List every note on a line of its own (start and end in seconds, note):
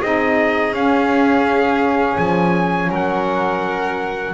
0.00 0.72 C4
0.00 0.74 D#4
0.00 2.89 G#4
0.00 0.74 D#5
0.72 2.17 C#4
0.72 4.34 C#4
0.72 2.18 F5
2.18 2.90 F3
2.18 2.90 G#5
2.89 4.34 F#3
2.89 4.34 A#4
2.89 4.34 F#5